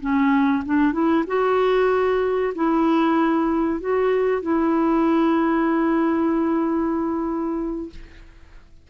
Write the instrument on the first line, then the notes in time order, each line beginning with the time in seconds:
clarinet
0.00 C#4
0.65 D4
0.92 E4
1.27 F#4
2.55 E4
3.80 F#4
4.42 E4